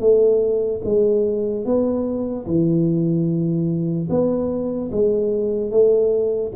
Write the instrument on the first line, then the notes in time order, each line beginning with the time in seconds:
tuba
0.00 A3
0.85 G#3
1.65 B3
2.47 E3
4.09 B3
4.92 G#3
5.71 A3